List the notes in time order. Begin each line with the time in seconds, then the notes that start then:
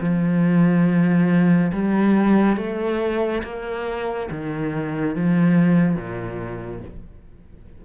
0.00 F3
1.73 G3
2.56 A3
3.43 A#3
4.30 D#3
5.15 F3
5.95 A#2